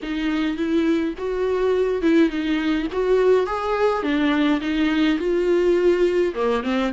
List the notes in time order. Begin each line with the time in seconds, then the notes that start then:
0.02 D#4
0.56 E4
1.18 F#4
2.02 E4
2.29 D#4
2.92 F#4
3.46 G#4
4.02 D4
4.60 D#4
5.18 F4
6.34 A#3
6.63 C4